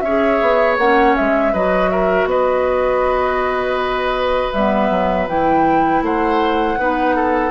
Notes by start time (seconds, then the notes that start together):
0.00 C#4 G#4 C#5 E5
0.41 B3
0.77 A#3 C#4 F#5
1.16 G#3 E5
1.52 F#3 F#4 B4 D#5
1.90 A#4 E5
2.25 B3 B4 D#5
4.52 G3 B3 E5
4.90 F#3
5.27 E3 E4 G5
6.02 A3 C5 F#5
6.78 B3 D#4 B4
7.15 A4